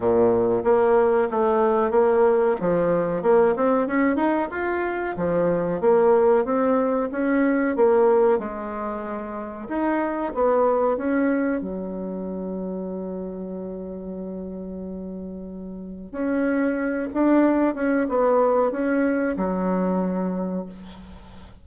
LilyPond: \new Staff \with { instrumentName = "bassoon" } { \time 4/4 \tempo 4 = 93 ais,4 ais4 a4 ais4 | f4 ais8 c'8 cis'8 dis'8 f'4 | f4 ais4 c'4 cis'4 | ais4 gis2 dis'4 |
b4 cis'4 fis2~ | fis1~ | fis4 cis'4. d'4 cis'8 | b4 cis'4 fis2 | }